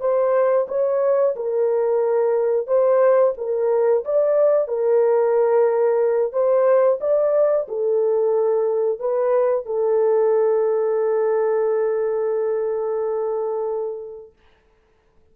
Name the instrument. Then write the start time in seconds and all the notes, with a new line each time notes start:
horn
0.00 C5
0.68 C#5
1.36 A#4
2.67 C5
3.38 A#4
4.05 D5
4.68 A#4
6.33 C5
7.01 D5
7.68 A4
9.00 B4
9.66 A4